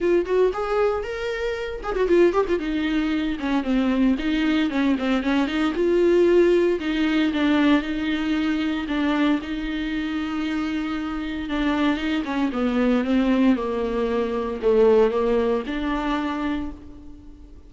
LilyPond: \new Staff \with { instrumentName = "viola" } { \time 4/4 \tempo 4 = 115 f'8 fis'8 gis'4 ais'4. gis'16 fis'16 | f'8 g'16 f'16 dis'4. cis'8 c'4 | dis'4 cis'8 c'8 cis'8 dis'8 f'4~ | f'4 dis'4 d'4 dis'4~ |
dis'4 d'4 dis'2~ | dis'2 d'4 dis'8 cis'8 | b4 c'4 ais2 | a4 ais4 d'2 | }